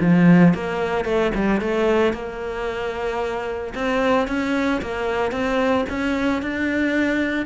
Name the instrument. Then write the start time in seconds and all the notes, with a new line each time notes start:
cello
0.00 F3
0.54 A#3
1.04 A3
1.34 G3
1.60 A3
2.13 A#3
3.75 C4
4.27 C#4
4.81 A#3
5.31 C4
5.89 C#4
6.42 D4